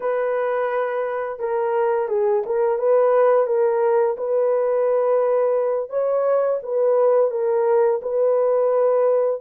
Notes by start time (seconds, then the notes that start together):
0.00 B4
1.39 A#4
2.08 G#4
2.46 A#4
2.78 B4
3.46 A#4
4.17 B4
5.90 C#5
6.62 B4
7.30 A#4
8.02 B4